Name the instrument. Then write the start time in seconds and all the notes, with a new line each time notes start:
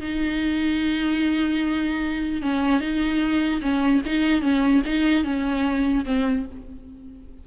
viola
0.00 D#4
2.42 C#4
2.80 D#4
3.61 C#4
4.05 D#4
4.41 C#4
4.85 D#4
5.24 C#4
6.05 C4